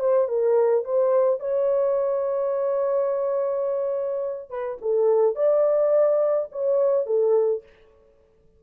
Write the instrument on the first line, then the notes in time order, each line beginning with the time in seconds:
horn
0.00 C5
0.28 A#4
0.85 C5
1.40 C#5
4.50 B4
4.81 A4
5.36 D5
6.52 C#5
7.06 A4